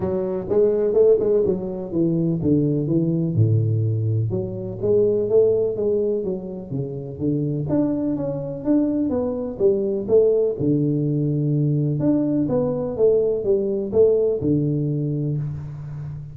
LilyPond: \new Staff \with { instrumentName = "tuba" } { \time 4/4 \tempo 4 = 125 fis4 gis4 a8 gis8 fis4 | e4 d4 e4 a,4~ | a,4 fis4 gis4 a4 | gis4 fis4 cis4 d4 |
d'4 cis'4 d'4 b4 | g4 a4 d2~ | d4 d'4 b4 a4 | g4 a4 d2 | }